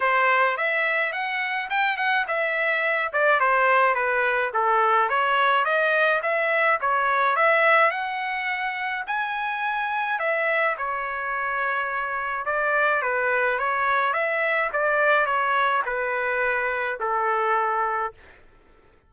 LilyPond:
\new Staff \with { instrumentName = "trumpet" } { \time 4/4 \tempo 4 = 106 c''4 e''4 fis''4 g''8 fis''8 | e''4. d''8 c''4 b'4 | a'4 cis''4 dis''4 e''4 | cis''4 e''4 fis''2 |
gis''2 e''4 cis''4~ | cis''2 d''4 b'4 | cis''4 e''4 d''4 cis''4 | b'2 a'2 | }